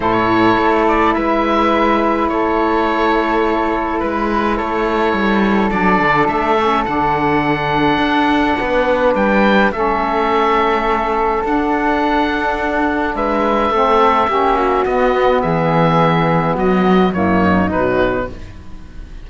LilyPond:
<<
  \new Staff \with { instrumentName = "oboe" } { \time 4/4 \tempo 4 = 105 cis''4. d''8 e''2 | cis''2. b'4 | cis''2 d''4 e''4 | fis''1 |
g''4 e''2. | fis''2. e''4~ | e''2 dis''4 e''4~ | e''4 dis''4 cis''4 b'4 | }
  \new Staff \with { instrumentName = "flute" } { \time 4/4 a'2 b'2 | a'2. b'4 | a'1~ | a'2. b'4~ |
b'4 a'2.~ | a'2. b'4 | a'4 g'8 fis'4. gis'4~ | gis'4 fis'4 e'8 dis'4. | }
  \new Staff \with { instrumentName = "saxophone" } { \time 4/4 e'1~ | e'1~ | e'2 d'4. cis'8 | d'1~ |
d'4 cis'2. | d'1 | c'4 cis'4 b2~ | b2 ais4 fis4 | }
  \new Staff \with { instrumentName = "cello" } { \time 4/4 a,4 a4 gis2 | a2. gis4 | a4 g4 fis8 d8 a4 | d2 d'4 b4 |
g4 a2. | d'2. gis4 | a4 ais4 b4 e4~ | e4 fis4 fis,4 b,4 | }
>>